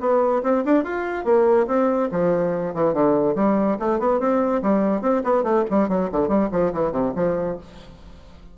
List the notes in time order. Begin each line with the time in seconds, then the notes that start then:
0.00 B3
0.43 C4
0.65 D4
0.84 F4
1.25 A#3
1.67 C4
2.11 F3
2.74 E3
2.93 D3
3.35 G3
3.79 A3
3.99 B3
4.20 C4
4.62 G3
5.02 C4
5.24 B3
5.43 A3
5.70 G3
5.89 F#3
6.12 D3
6.28 G3
6.52 F3
6.73 E3
6.92 C3
7.16 F3